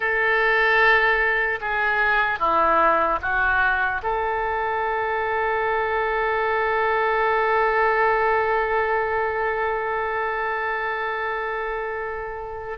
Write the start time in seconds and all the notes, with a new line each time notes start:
0.00 A4
1.60 G#4
2.39 E4
3.21 F#4
4.02 A4